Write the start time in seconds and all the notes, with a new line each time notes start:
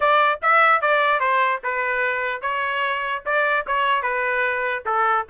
0.00 D5
0.42 E5
0.81 D5
1.20 C5
1.63 B4
2.41 C#5
3.25 D5
3.67 C#5
4.02 B4
4.85 A4